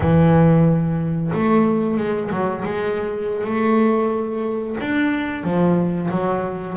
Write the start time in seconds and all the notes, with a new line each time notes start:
0.00 E3
1.33 A3
1.97 G#3
2.31 F#3
2.65 G#3
3.44 A3
4.80 D4
5.43 F3
6.10 F#3